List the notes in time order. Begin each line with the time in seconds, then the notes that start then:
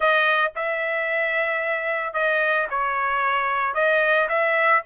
0.00 D#5
0.55 E5
2.13 D#5
2.70 C#5
3.74 D#5
4.29 E5